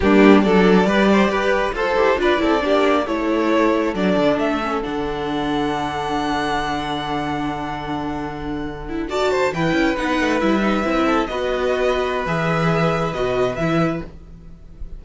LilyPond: <<
  \new Staff \with { instrumentName = "violin" } { \time 4/4 \tempo 4 = 137 g'4 d''2. | c''4 d''2 cis''4~ | cis''4 d''4 e''4 fis''4~ | fis''1~ |
fis''1~ | fis''8. a''4 g''4 fis''4 e''16~ | e''4.~ e''16 dis''2~ dis''16 | e''2 dis''4 e''4 | }
  \new Staff \with { instrumentName = "violin" } { \time 4/4 d'4 a'4 b'8 c''8 b'4 | a'4 b'8 a'8 g'4 a'4~ | a'1~ | a'1~ |
a'1~ | a'8. d''8 c''8 b'2~ b'16~ | b'4~ b'16 a'8 b'2~ b'16~ | b'1 | }
  \new Staff \with { instrumentName = "viola" } { \time 4/4 ais4 d'4 g'2 | a'8 g'8 f'8 e'8 d'4 e'4~ | e'4 d'4. cis'8 d'4~ | d'1~ |
d'1~ | d'16 e'8 fis'4 e'4 dis'4 e'16~ | e'16 dis'8 e'4 fis'2~ fis'16 | gis'2 fis'4 e'4 | }
  \new Staff \with { instrumentName = "cello" } { \time 4/4 g4 fis4 g4 g'4 | f'8 e'8 d'8 c'8 ais4 a4~ | a4 fis8 d8 a4 d4~ | d1~ |
d1~ | d4.~ d16 e8 cis'8 b8 a8 g16~ | g8. c'4 b2~ b16 | e2 b,4 e4 | }
>>